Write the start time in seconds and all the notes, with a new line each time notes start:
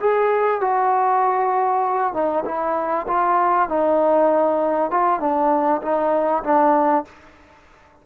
0.00 G#4
0.61 F#4
2.13 D#4
2.45 E4
3.08 F4
3.69 D#4
4.91 F4
5.20 D4
5.82 D#4
6.44 D4